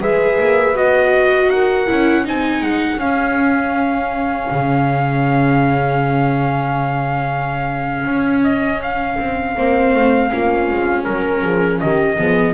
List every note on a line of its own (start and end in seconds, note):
0.00 0.39 G#3
0.00 0.75 G#4
0.00 1.50 B4
0.00 0.77 E5
0.40 0.74 A#3
0.74 1.48 B3
0.74 1.87 F#4
0.74 1.50 D#5
1.48 1.86 D#4
1.48 2.25 A#4
1.48 2.25 F#5
1.87 2.27 C#4
1.87 2.24 E4
2.24 2.62 C4
2.24 2.99 D#4
2.24 9.56 G#4
2.24 2.63 G#5
2.62 2.96 G#3
2.62 2.99 F#5
2.96 4.46 C#4
2.96 9.56 C#4
2.96 8.43 F5
4.51 8.04 C#3
8.04 9.17 C#4
8.43 8.81 D#5
8.82 11.04 F5
9.19 9.56 C4
9.56 9.93 A#3
9.56 10.29 C4
9.56 10.31 C5
9.93 10.31 A3
10.29 10.70 A#3
10.29 12.17 C#4
10.29 11.07 F4
10.70 11.07 G#3
11.04 11.43 F#3
11.04 11.79 A#4
11.04 11.43 A#4
11.43 11.81 F3
11.43 11.80 G#4
11.80 12.17 D#3
11.80 12.17 G4
11.80 12.53 D#5
12.17 12.53 F3
12.17 12.53 B3
12.17 12.53 G#4